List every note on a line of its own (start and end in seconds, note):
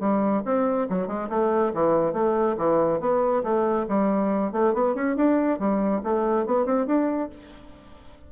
0.00 0.43 G3
0.45 0.88 C4
0.89 1.07 F#3
1.07 1.29 G#3
1.30 1.73 A3
1.74 2.13 E3
2.13 2.56 A3
2.57 3.00 E3
3.00 3.43 B3
3.43 3.86 A3
3.88 4.52 G3
4.52 4.74 A3
4.74 4.95 B3
4.95 5.16 C#4
5.16 5.59 D4
5.59 6.02 G3
6.04 6.46 A3
6.46 6.66 B3
6.66 6.87 C4
6.87 7.30 D4